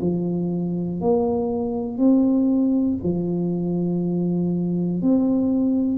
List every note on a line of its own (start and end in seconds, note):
0.00 1.00 F3
1.00 1.97 A#3
1.97 2.97 C4
3.03 5.02 F3
5.02 5.98 C4